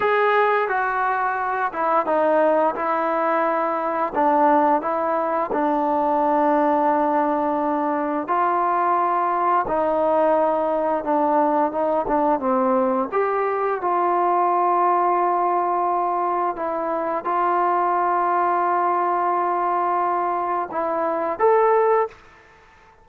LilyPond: \new Staff \with { instrumentName = "trombone" } { \time 4/4 \tempo 4 = 87 gis'4 fis'4. e'8 dis'4 | e'2 d'4 e'4 | d'1 | f'2 dis'2 |
d'4 dis'8 d'8 c'4 g'4 | f'1 | e'4 f'2.~ | f'2 e'4 a'4 | }